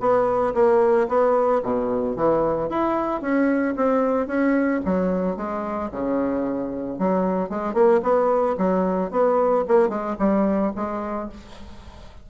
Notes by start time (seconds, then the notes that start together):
0.00 B3
0.54 A#3
1.08 B3
1.62 B2
2.16 E3
2.69 E4
3.21 C#4
3.76 C4
4.27 C#4
4.85 F#3
5.36 G#3
5.91 C#3
6.98 F#3
7.49 G#3
7.73 A#3
8.02 B3
8.57 F#3
9.10 B3
9.67 A#3
9.88 G#3
10.19 G3
10.75 G#3